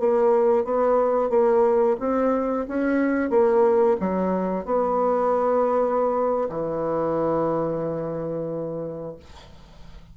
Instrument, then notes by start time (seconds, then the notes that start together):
bassoon
0.00 A#3
0.65 B3
1.30 A#3
2.00 C4
2.68 C#4
3.30 A#3
4.00 F#3
4.65 B3
6.49 E3